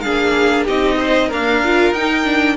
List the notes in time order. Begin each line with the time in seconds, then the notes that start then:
0.00 A#3 D4 G#4 F5
0.64 C4 D#4 G4 D#5
0.99 C5
1.28 A#3 D4 A#4 F5
1.64 F4
1.91 D#4 G5
2.24 D4